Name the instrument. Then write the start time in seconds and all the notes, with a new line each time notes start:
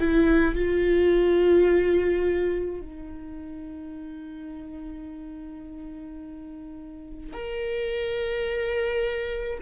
viola
0.00 E4
0.56 F4
2.81 D#4
7.34 A#4